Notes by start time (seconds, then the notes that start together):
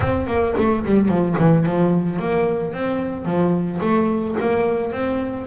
0.00 C4
0.27 A#3
0.57 A3
0.85 G3
1.08 F3
1.38 E3
1.65 F3
2.19 A#3
2.73 C4
3.25 F3
3.81 A3
4.40 A#3
4.91 C4